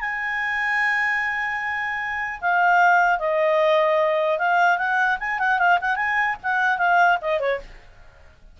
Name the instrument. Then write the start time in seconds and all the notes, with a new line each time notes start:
clarinet
0.00 G#5
2.41 F5
3.19 D#5
4.38 F5
4.78 F#5
5.20 G#5
5.39 F#5
5.58 F5
5.81 F#5
5.96 G#5
6.43 F#5
6.77 F5
7.21 D#5
7.40 C#5